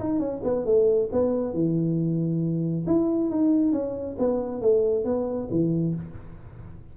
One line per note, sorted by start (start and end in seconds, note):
0.00 0.20 D#4
0.20 0.42 C#4
0.44 0.66 B3
0.66 1.10 A3
1.12 1.54 B3
1.54 2.86 E3
2.87 3.31 E4
3.31 3.73 D#4
3.73 4.17 C#4
4.19 4.62 B3
4.62 5.05 A3
5.05 5.49 B3
5.51 5.95 E3